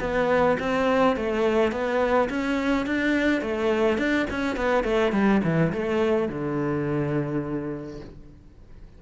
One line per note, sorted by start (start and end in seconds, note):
0.00 0.57 B3
0.59 1.16 C4
1.16 1.71 A3
1.71 2.29 B3
2.29 2.86 C#4
2.86 3.41 D4
3.41 3.97 A3
3.97 4.26 D4
4.30 4.56 C#4
4.56 4.83 B3
4.83 5.12 A3
5.12 5.41 G3
5.43 5.72 E3
5.72 6.29 A3
6.29 8.00 D3